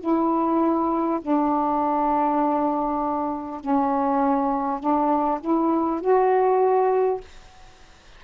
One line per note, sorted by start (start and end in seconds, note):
0.00 1.20 E4
1.22 3.61 D4
3.61 4.80 C#4
4.80 5.40 D4
5.41 6.01 E4
6.01 7.21 F#4